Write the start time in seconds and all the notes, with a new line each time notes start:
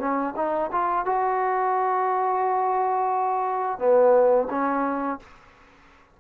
0.00 C#4
0.37 D#4
0.72 F4
1.06 F#4
3.79 B3
4.51 C#4